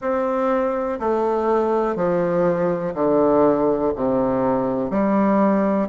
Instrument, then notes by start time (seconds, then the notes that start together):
bassoon
0.00 C4
0.99 A3
1.95 F3
2.94 D3
3.95 C3
4.90 G3